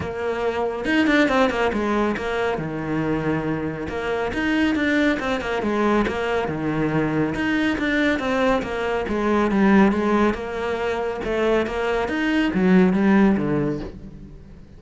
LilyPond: \new Staff \with { instrumentName = "cello" } { \time 4/4 \tempo 4 = 139 ais2 dis'8 d'8 c'8 ais8 | gis4 ais4 dis2~ | dis4 ais4 dis'4 d'4 | c'8 ais8 gis4 ais4 dis4~ |
dis4 dis'4 d'4 c'4 | ais4 gis4 g4 gis4 | ais2 a4 ais4 | dis'4 fis4 g4 d4 | }